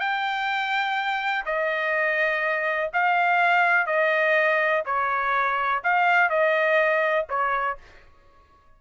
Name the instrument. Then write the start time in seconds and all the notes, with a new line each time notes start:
trumpet
0.00 G5
1.46 D#5
2.93 F5
3.86 D#5
4.86 C#5
5.84 F5
6.30 D#5
7.29 C#5